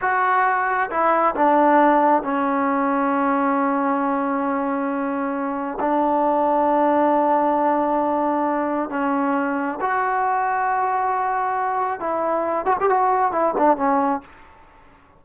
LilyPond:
\new Staff \with { instrumentName = "trombone" } { \time 4/4 \tempo 4 = 135 fis'2 e'4 d'4~ | d'4 cis'2.~ | cis'1~ | cis'4 d'2.~ |
d'1 | cis'2 fis'2~ | fis'2. e'4~ | e'8 fis'16 g'16 fis'4 e'8 d'8 cis'4 | }